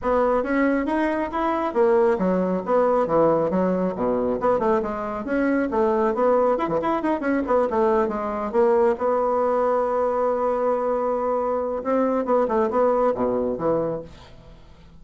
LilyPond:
\new Staff \with { instrumentName = "bassoon" } { \time 4/4 \tempo 4 = 137 b4 cis'4 dis'4 e'4 | ais4 fis4 b4 e4 | fis4 b,4 b8 a8 gis4 | cis'4 a4 b4 e'16 e16 e'8 |
dis'8 cis'8 b8 a4 gis4 ais8~ | ais8 b2.~ b8~ | b2. c'4 | b8 a8 b4 b,4 e4 | }